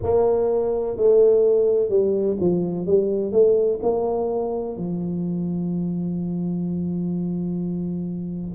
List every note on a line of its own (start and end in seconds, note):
0.03 0.96 A#3
0.96 1.89 A3
1.89 2.36 G3
2.39 2.86 F3
2.86 3.32 G3
3.32 3.79 A3
3.82 4.76 A#3
4.76 8.55 F3